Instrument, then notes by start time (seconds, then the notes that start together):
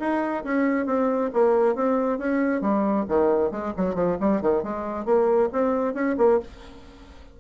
bassoon
0.00 D#4
0.45 C#4
0.87 C4
1.34 A#3
1.76 C4
2.19 C#4
2.62 G3
3.09 D#3
3.52 G#3
3.77 F#3
3.95 F3
4.21 G3
4.42 D#3
4.64 G#3
5.06 A#3
5.53 C4
5.95 C#4
6.18 A#3